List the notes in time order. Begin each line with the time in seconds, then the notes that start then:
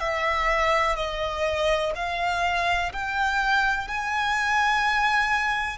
0.00 E5
0.96 D#5
1.96 F5
2.93 G5
3.88 G#5